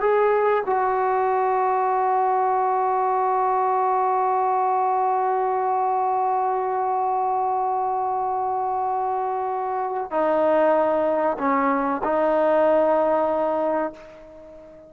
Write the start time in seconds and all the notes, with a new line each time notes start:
0.00 G#4
0.66 F#4
10.11 D#4
11.38 C#4
12.03 D#4